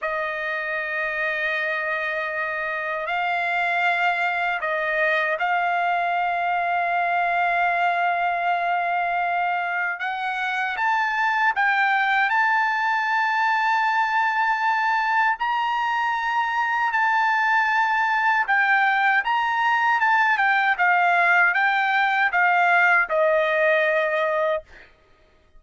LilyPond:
\new Staff \with { instrumentName = "trumpet" } { \time 4/4 \tempo 4 = 78 dis''1 | f''2 dis''4 f''4~ | f''1~ | f''4 fis''4 a''4 g''4 |
a''1 | ais''2 a''2 | g''4 ais''4 a''8 g''8 f''4 | g''4 f''4 dis''2 | }